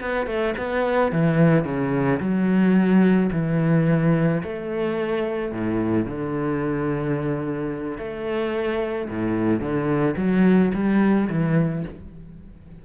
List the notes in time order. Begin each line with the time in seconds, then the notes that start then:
0.00 B3
0.26 A3
0.57 B3
1.12 E3
1.64 C#3
2.20 F#3
3.32 E3
4.43 A3
5.52 A2
6.06 D3
7.97 A3
9.09 A2
9.60 D3
10.17 F#3
10.73 G3
11.29 E3